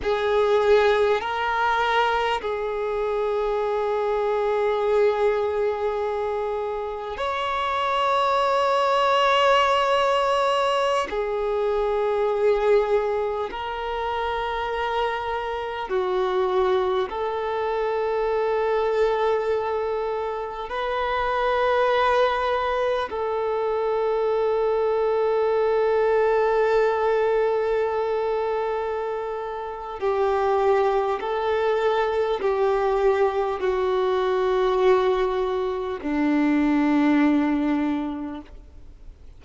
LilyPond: \new Staff \with { instrumentName = "violin" } { \time 4/4 \tempo 4 = 50 gis'4 ais'4 gis'2~ | gis'2 cis''2~ | cis''4~ cis''16 gis'2 ais'8.~ | ais'4~ ais'16 fis'4 a'4.~ a'16~ |
a'4~ a'16 b'2 a'8.~ | a'1~ | a'4 g'4 a'4 g'4 | fis'2 d'2 | }